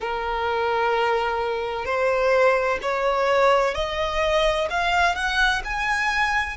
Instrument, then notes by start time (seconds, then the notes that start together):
violin
0.00 A#4
1.85 C5
2.81 C#5
3.74 D#5
4.70 F5
5.15 F#5
5.64 G#5